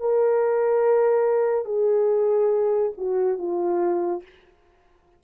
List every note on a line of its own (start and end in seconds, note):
0.00 1.66 A#4
1.66 2.92 G#4
2.98 3.39 F#4
3.39 4.23 F4